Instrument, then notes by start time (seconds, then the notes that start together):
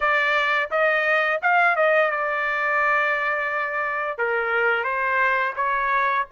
trumpet
0.00 D5
0.70 D#5
1.41 F5
1.75 D#5
2.11 D5
4.18 A#4
4.84 C5
5.56 C#5